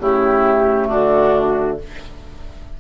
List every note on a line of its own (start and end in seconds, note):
0.00 0.90 C#3
0.00 1.79 A3
0.00 0.88 E4
0.00 0.89 G4
0.88 1.80 D3
0.88 1.77 D4
0.88 1.78 F#4